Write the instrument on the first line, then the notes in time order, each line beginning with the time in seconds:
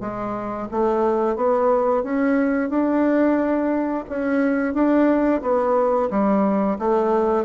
bassoon
0.00 G#3
0.71 A3
1.35 B3
2.03 C#4
2.69 D4
4.09 C#4
4.73 D4
5.41 B3
6.10 G3
6.78 A3